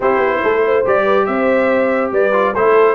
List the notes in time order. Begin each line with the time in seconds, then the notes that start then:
0.00 C4 E4 G4 C5
0.18 B3
0.43 A3 A4
0.65 C5
0.85 G3 G4 D5
1.04 B4
1.26 C4 C5 E5
2.11 G3 B4 D5
2.32 F4
2.54 A3 E4 A4 C5